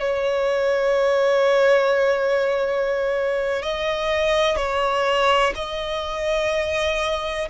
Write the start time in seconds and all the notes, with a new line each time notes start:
0.00 C#5
3.62 D#5
4.56 C#5
5.55 D#5